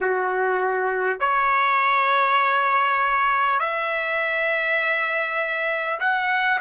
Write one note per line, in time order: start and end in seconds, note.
0.00 1.19 F#4
1.19 3.59 C#5
3.59 5.99 E5
6.00 6.60 F#5